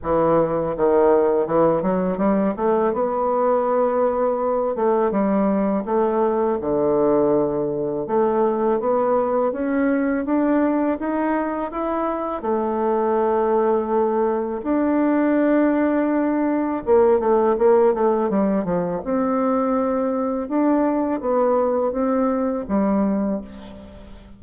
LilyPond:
\new Staff \with { instrumentName = "bassoon" } { \time 4/4 \tempo 4 = 82 e4 dis4 e8 fis8 g8 a8 | b2~ b8 a8 g4 | a4 d2 a4 | b4 cis'4 d'4 dis'4 |
e'4 a2. | d'2. ais8 a8 | ais8 a8 g8 f8 c'2 | d'4 b4 c'4 g4 | }